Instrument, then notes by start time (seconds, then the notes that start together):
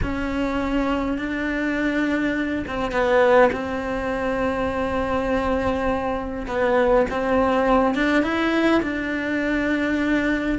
cello
0.02 C#4
1.18 D4
2.67 C4
2.91 B3
3.52 C4
6.47 B3
7.10 C4
7.94 D4
8.22 E4
8.82 D4